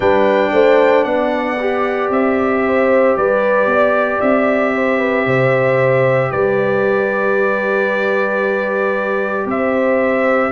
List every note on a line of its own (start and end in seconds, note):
0.00 0.51 G3
0.00 1.58 D4
0.00 0.51 B4
0.00 1.04 G5
0.52 1.05 A3
0.52 1.05 C5
1.04 2.09 B3
1.04 2.62 D5
1.04 2.09 F#5
1.59 10.51 G4
2.09 3.14 C4
2.09 3.16 E5
2.66 3.17 C5
3.16 3.66 G3
3.16 3.69 B4
3.16 4.20 D5
3.66 4.18 B3
3.66 4.74 D5
4.20 5.26 C4
4.20 6.31 E5
4.75 4.98 C5
4.98 5.25 B4
5.26 6.31 C3
5.26 6.31 C5
6.31 9.45 G3
6.31 9.46 B4
6.31 9.46 D5
9.45 10.50 C4
9.45 10.51 C5
9.45 10.51 E5